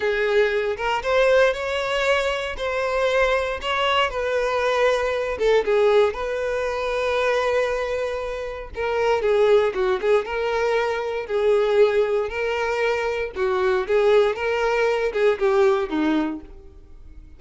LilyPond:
\new Staff \with { instrumentName = "violin" } { \time 4/4 \tempo 4 = 117 gis'4. ais'8 c''4 cis''4~ | cis''4 c''2 cis''4 | b'2~ b'8 a'8 gis'4 | b'1~ |
b'4 ais'4 gis'4 fis'8 gis'8 | ais'2 gis'2 | ais'2 fis'4 gis'4 | ais'4. gis'8 g'4 dis'4 | }